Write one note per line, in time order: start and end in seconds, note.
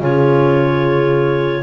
0.00 1.63 C#3
0.00 1.63 F4
0.00 1.63 G#4
0.00 1.63 C#5